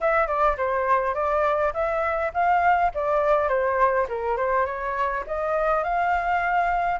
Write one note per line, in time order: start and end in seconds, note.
0.01 0.27 E5
0.27 0.56 D5
0.57 1.14 C5
1.14 1.72 D5
1.73 2.31 E5
2.33 2.91 F5
2.94 3.48 D5
3.48 4.06 C5
4.08 4.36 A#4
4.36 4.65 C5
4.65 5.23 C#5
5.26 5.83 D#5
5.83 7.00 F5